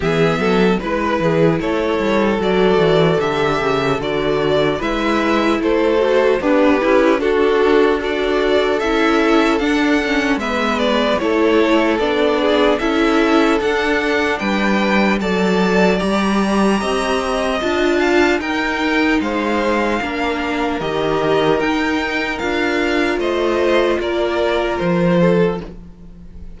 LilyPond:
<<
  \new Staff \with { instrumentName = "violin" } { \time 4/4 \tempo 4 = 75 e''4 b'4 cis''4 d''4 | e''4 d''4 e''4 c''4 | b'4 a'4 d''4 e''4 | fis''4 e''8 d''8 cis''4 d''4 |
e''4 fis''4 g''4 a''4 | ais''2 a''4 g''4 | f''2 dis''4 g''4 | f''4 dis''4 d''4 c''4 | }
  \new Staff \with { instrumentName = "violin" } { \time 4/4 gis'8 a'8 b'8 gis'8 a'2~ | a'2 b'4 a'4 | d'8 e'8 fis'4 a'2~ | a'4 b'4 a'4. gis'8 |
a'2 b'4 d''4~ | d''4 dis''4. f''8 ais'4 | c''4 ais'2.~ | ais'4 c''4 ais'4. a'8 | }
  \new Staff \with { instrumentName = "viola" } { \time 4/4 b4 e'2 fis'4 | g'4 fis'4 e'4. fis'8 | g'4 d'4 fis'4 e'4 | d'8 cis'8 b4 e'4 d'4 |
e'4 d'2 a'4 | g'2 f'4 dis'4~ | dis'4 d'4 g'4 dis'4 | f'1 | }
  \new Staff \with { instrumentName = "cello" } { \time 4/4 e8 fis8 gis8 e8 a8 g8 fis8 e8 | d8 cis8 d4 gis4 a4 | b8 cis'8 d'2 cis'4 | d'4 gis4 a4 b4 |
cis'4 d'4 g4 fis4 | g4 c'4 d'4 dis'4 | gis4 ais4 dis4 dis'4 | d'4 a4 ais4 f4 | }
>>